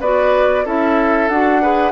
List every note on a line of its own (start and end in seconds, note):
0.00 0.65 B3
0.00 0.65 F#4
0.00 0.65 B4
0.00 0.66 D5
0.65 1.29 C#4
0.65 1.30 E4
0.65 1.62 A4
0.65 1.28 E5
1.28 1.91 D4
1.28 1.62 F#4
1.28 1.91 F#5
1.62 1.91 G#4
1.62 1.91 B4